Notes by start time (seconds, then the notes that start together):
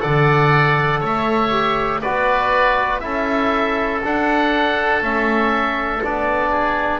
0.00 D3 A4 D5 F#5
1.00 A3 C#5 E5
1.50 G4
2.02 B3 F#4 B4 D5
3.00 C#4 E4 A4 E5
4.04 D4 F#5
5.01 A3 C#4 E5
6.03 B3 D4 D5
6.51 G#4